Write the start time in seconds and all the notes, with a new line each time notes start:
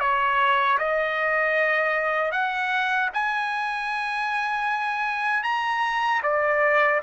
0.00 C#5
0.78 D#5
2.31 F#5
3.13 G#5
5.43 A#5
6.23 D5